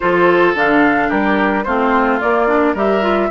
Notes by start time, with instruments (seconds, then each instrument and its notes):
0.00 bassoon F3, clarinet F4, oboe A4, flute C5
0.55 bassoon D3, clarinet D4, flute F5
1.08 bassoon G3, oboe G4, flute A#4
1.63 bassoon A3, clarinet C4, oboe F4, flute C5
2.20 clarinet A#3, bassoon A#3, flute D5
2.47 clarinet D4
2.73 bassoon G3, clarinet G4, oboe A#4, flute E5
3.01 clarinet F4